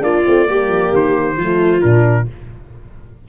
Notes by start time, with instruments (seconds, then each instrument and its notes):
0.00 tuba A#3, horn D4, viola F4, trumpet D5
0.24 tuba A3, horn C4
0.45 tuba G3, horn A#3, viola G4
0.68 tuba F3
0.93 tuba D#3, trumpet C5
1.36 tuba F3, horn A3, viola F4
1.81 tuba A#2, horn D4, trumpet A#4